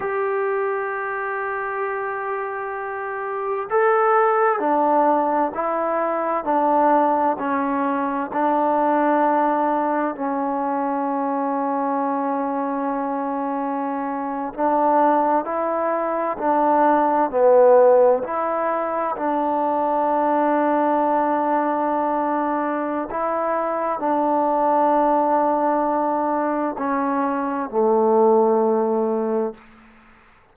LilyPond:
\new Staff \with { instrumentName = "trombone" } { \time 4/4 \tempo 4 = 65 g'1 | a'4 d'4 e'4 d'4 | cis'4 d'2 cis'4~ | cis'2.~ cis'8. d'16~ |
d'8. e'4 d'4 b4 e'16~ | e'8. d'2.~ d'16~ | d'4 e'4 d'2~ | d'4 cis'4 a2 | }